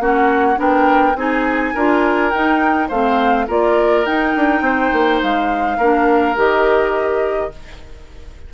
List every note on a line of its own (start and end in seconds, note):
0.00 0.58 A#3
0.00 0.56 C#4
0.00 0.59 F#4
0.00 0.59 F#5
0.56 1.16 B3
0.56 1.14 D4
0.56 1.17 A#4
0.56 1.17 G5
1.16 1.74 C4
1.16 1.75 D#4
1.16 1.75 G#4
1.16 2.31 G#5
1.75 2.34 D4
1.75 2.33 F4
1.75 2.89 A#4
2.31 2.90 D#4
2.31 2.91 D#4
2.31 2.88 G5
2.89 3.48 A3
2.89 3.48 C4
2.89 3.46 C5
2.89 3.48 F5
3.47 4.07 A#3
3.47 4.06 F4
3.47 4.63 A#4
3.47 4.06 D5
4.06 5.79 D#4
4.06 4.36 D#4
4.06 5.22 G5
4.36 4.62 D4
4.62 4.91 C4
4.62 5.78 C5
4.93 5.22 A#3
5.23 5.78 G#3
5.23 6.38 F5
5.78 6.36 A#3
5.78 6.37 D4
5.78 7.51 A#4
6.37 7.52 D#3
6.37 7.52 G4
6.37 7.54 D#5